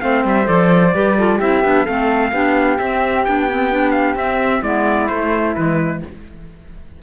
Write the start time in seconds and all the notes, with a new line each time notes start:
0.00 A3 C4 C5 F5
0.24 G3 E5
0.45 F3 A4 D5
0.94 G3 G4 B4
1.18 F4 A4
1.38 C4 E4 G4 E5
1.63 B3 D4
1.85 A3 C4 A4 F5
2.32 B3 D4 G4
2.79 C4 E5
3.25 B3 D4 G5
3.49 C4
3.71 D4
3.91 F5
4.15 C4 E5
4.62 G#3 B3 E4 D5
5.08 A3 C5
5.55 E3 G#3 B4